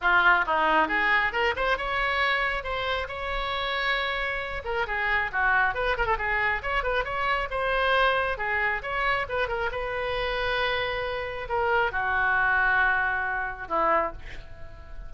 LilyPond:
\new Staff \with { instrumentName = "oboe" } { \time 4/4 \tempo 4 = 136 f'4 dis'4 gis'4 ais'8 c''8 | cis''2 c''4 cis''4~ | cis''2~ cis''8 ais'8 gis'4 | fis'4 b'8 ais'16 a'16 gis'4 cis''8 b'8 |
cis''4 c''2 gis'4 | cis''4 b'8 ais'8 b'2~ | b'2 ais'4 fis'4~ | fis'2. e'4 | }